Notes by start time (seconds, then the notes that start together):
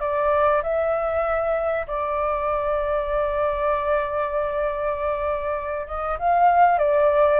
0.00 D5
0.63 E5
1.87 D5
5.87 D#5
6.19 F5
6.78 D5